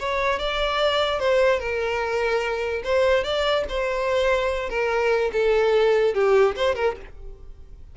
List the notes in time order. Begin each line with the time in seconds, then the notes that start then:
0.00 C#5
0.40 D5
1.20 C5
1.60 A#4
2.84 C5
3.24 D5
3.69 C5
4.70 A#4
5.33 A4
6.15 G4
6.56 C5
6.76 A#4